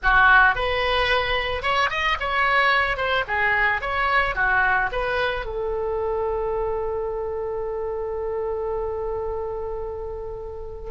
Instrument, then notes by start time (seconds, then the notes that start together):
oboe
0.02 F#4
0.55 B4
1.62 C#5
1.90 D#5
2.20 C#5
2.96 C5
3.27 G#4
3.81 C#5
4.35 F#4
4.92 B4
5.45 A4